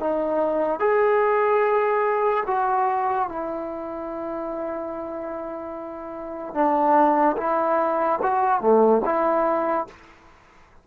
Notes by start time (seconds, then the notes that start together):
0.00 D#4
0.80 G#4
2.47 F#4
3.29 E4
6.55 D4
7.37 E4
8.23 F#4
8.61 A3
9.05 E4